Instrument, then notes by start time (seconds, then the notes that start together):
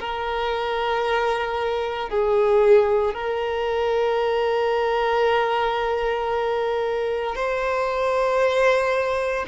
violin
0.00 A#4
2.10 G#4
3.14 A#4
7.36 C5